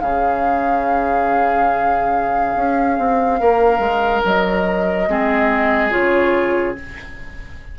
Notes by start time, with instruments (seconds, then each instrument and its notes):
0.00 bassoon C#3, clarinet C#4, oboe G#4, flute F5
2.56 bassoon C#4
2.98 bassoon C4
3.40 bassoon A#3, oboe A#4
3.79 bassoon G#3
4.24 bassoon F#3, flute D#5
5.07 bassoon G#3, clarinet C4, oboe G#4
5.90 bassoon C#3, clarinet F4, flute C#5